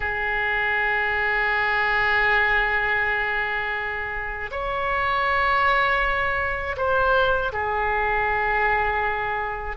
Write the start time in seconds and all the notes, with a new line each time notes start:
0.00 G#4
4.51 C#5
6.77 C5
7.52 G#4